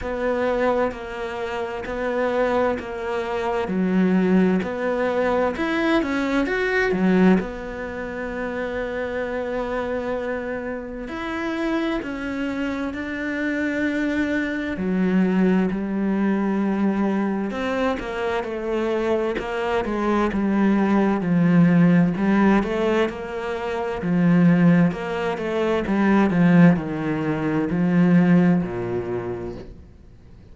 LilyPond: \new Staff \with { instrumentName = "cello" } { \time 4/4 \tempo 4 = 65 b4 ais4 b4 ais4 | fis4 b4 e'8 cis'8 fis'8 fis8 | b1 | e'4 cis'4 d'2 |
fis4 g2 c'8 ais8 | a4 ais8 gis8 g4 f4 | g8 a8 ais4 f4 ais8 a8 | g8 f8 dis4 f4 ais,4 | }